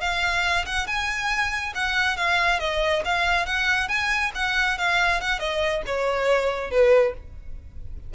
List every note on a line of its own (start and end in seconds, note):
0.00 0.65 F5
0.65 0.87 F#5
0.87 1.73 G#5
1.75 2.16 F#5
2.16 2.59 F5
2.59 3.03 D#5
3.05 3.46 F5
3.46 3.88 F#5
3.88 4.31 G#5
4.35 4.78 F#5
4.78 5.20 F5
5.20 5.39 F#5
5.39 5.82 D#5
5.86 6.70 C#5
6.70 7.13 B4